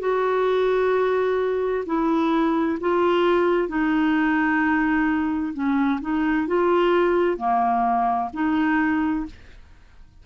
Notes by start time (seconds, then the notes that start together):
0.00 F#4
1.86 E4
2.81 F4
3.69 D#4
5.54 C#4
6.02 D#4
6.48 F4
7.38 A#3
8.34 D#4